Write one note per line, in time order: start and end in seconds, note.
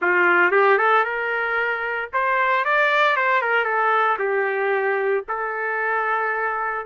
0.01 0.51 F4
0.51 0.78 G4
0.78 1.04 A4
1.04 2.09 A#4
2.13 2.64 C5
2.64 3.16 D5
3.16 3.41 C5
3.41 3.64 A#4
3.64 4.17 A4
4.18 5.24 G4
5.28 6.85 A4